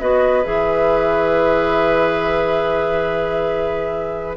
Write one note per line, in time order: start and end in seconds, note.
0.00 0.44 B3
0.00 0.44 F#4
0.00 4.37 B4
0.00 0.44 D#5
0.44 4.37 E3
0.44 4.37 G#4
0.44 4.37 E5